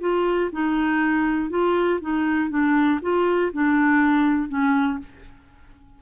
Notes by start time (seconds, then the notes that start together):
0.00 F4
0.52 D#4
1.49 F4
2.01 D#4
2.49 D4
3.01 F4
3.53 D4
4.49 C#4